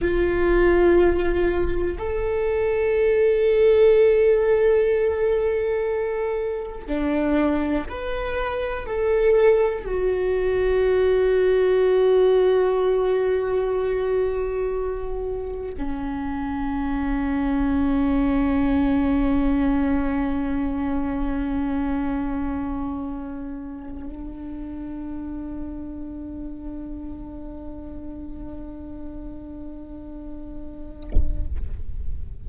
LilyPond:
\new Staff \with { instrumentName = "viola" } { \time 4/4 \tempo 4 = 61 f'2 a'2~ | a'2. d'4 | b'4 a'4 fis'2~ | fis'1 |
cis'1~ | cis'1~ | cis'8 d'2.~ d'8~ | d'1 | }